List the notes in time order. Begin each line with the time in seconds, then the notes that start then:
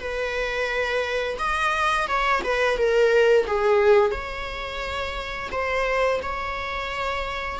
0.00 B4
1.38 D#5
2.07 C#5
2.44 B4
2.77 A#4
3.47 G#4
4.11 C#5
5.51 C5
6.22 C#5